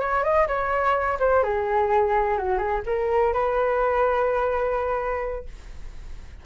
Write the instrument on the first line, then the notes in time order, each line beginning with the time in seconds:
flute
0.00 C#5
0.24 D#5
0.47 C#5
1.19 C5
1.43 G#4
2.37 F#4
2.58 G#4
2.86 A#4
3.33 B4